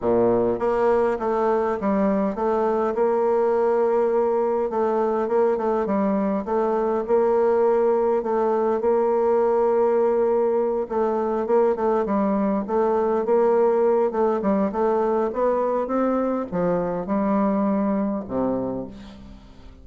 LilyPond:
\new Staff \with { instrumentName = "bassoon" } { \time 4/4 \tempo 4 = 102 ais,4 ais4 a4 g4 | a4 ais2. | a4 ais8 a8 g4 a4 | ais2 a4 ais4~ |
ais2~ ais8 a4 ais8 | a8 g4 a4 ais4. | a8 g8 a4 b4 c'4 | f4 g2 c4 | }